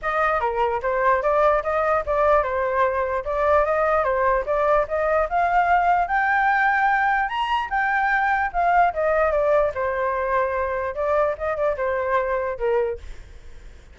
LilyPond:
\new Staff \with { instrumentName = "flute" } { \time 4/4 \tempo 4 = 148 dis''4 ais'4 c''4 d''4 | dis''4 d''4 c''2 | d''4 dis''4 c''4 d''4 | dis''4 f''2 g''4~ |
g''2 ais''4 g''4~ | g''4 f''4 dis''4 d''4 | c''2. d''4 | dis''8 d''8 c''2 ais'4 | }